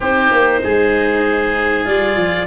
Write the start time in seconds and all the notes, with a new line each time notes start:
0.00 C4 D#4 G4 C5
0.31 A#3
0.63 G#3 G#4
1.85 G3 F4 D5
2.16 F3